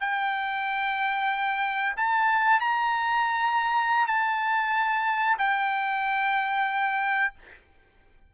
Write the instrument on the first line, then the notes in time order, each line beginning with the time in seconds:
trumpet
0.00 G5
1.97 A5
2.60 A#5
4.07 A5
5.38 G5